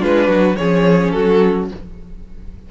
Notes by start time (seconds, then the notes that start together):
0.00 G#3 D4 F4 B4
0.28 F#3 F#4
0.56 F3 C#4 G#4 C#5
1.11 F#3 F#4 A4